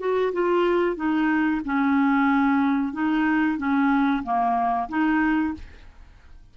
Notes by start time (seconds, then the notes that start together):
0.00 F#4
0.33 F4
0.96 D#4
1.65 C#4
2.93 D#4
3.58 C#4
4.24 A#3
4.89 D#4